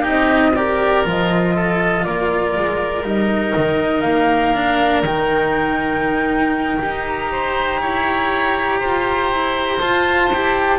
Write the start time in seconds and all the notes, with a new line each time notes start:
0.00 C4 D#4 G4
0.08 D#5
0.56 G4 A#4 D5
1.04 F3 F4 D#5
1.55 A4
2.04 A#3 A#4 D5
2.56 G#3
3.03 G3 D#4 D#5
3.55 D#3
4.01 A#3 F5
4.54 D4
5.02 D#3 D#4 G5
6.78 D#4 G4
7.07 A#5
7.31 C5
7.80 E4 C#5
8.79 F4 C5
9.31 E4
9.80 F4 A5
10.31 E4 G4